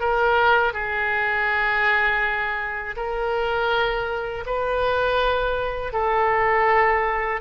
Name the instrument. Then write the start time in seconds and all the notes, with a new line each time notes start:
oboe
0.00 A#4
0.73 G#4
2.97 A#4
4.46 B4
5.93 A4